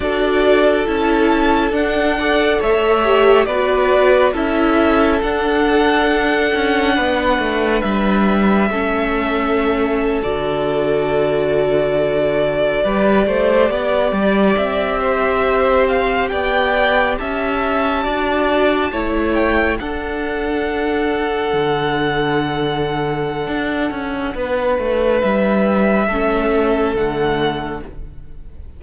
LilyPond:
<<
  \new Staff \with { instrumentName = "violin" } { \time 4/4 \tempo 4 = 69 d''4 a''4 fis''4 e''4 | d''4 e''4 fis''2~ | fis''4 e''2~ e''8. d''16~ | d''1~ |
d''8. e''4. f''8 g''4 a''16~ | a''2~ a''16 g''8 fis''4~ fis''16~ | fis''1~ | fis''4 e''2 fis''4 | }
  \new Staff \with { instrumentName = "violin" } { \time 4/4 a'2~ a'8 d''8 cis''4 | b'4 a'2. | b'2 a'2~ | a'2~ a'8. b'8 c''8 d''16~ |
d''4~ d''16 c''4. d''4 e''16~ | e''8. d''4 cis''4 a'4~ a'16~ | a'1 | b'2 a'2 | }
  \new Staff \with { instrumentName = "viola" } { \time 4/4 fis'4 e'4 d'8 a'4 g'8 | fis'4 e'4 d'2~ | d'2 cis'4.~ cis'16 fis'16~ | fis'2~ fis'8. g'4~ g'16~ |
g'1~ | g'8. fis'4 e'4 d'4~ d'16~ | d'1~ | d'2 cis'4 a4 | }
  \new Staff \with { instrumentName = "cello" } { \time 4/4 d'4 cis'4 d'4 a4 | b4 cis'4 d'4. cis'8 | b8 a8 g4 a4.~ a16 d16~ | d2~ d8. g8 a8 b16~ |
b16 g8 c'2 b4 cis'16~ | cis'8. d'4 a4 d'4~ d'16~ | d'8. d2~ d16 d'8 cis'8 | b8 a8 g4 a4 d4 | }
>>